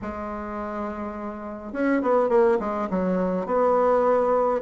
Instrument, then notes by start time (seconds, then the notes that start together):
bassoon
0.01 G#3
1.72 C#4
2.01 B3
2.29 A#3
2.59 G#3
2.90 F#3
3.46 B3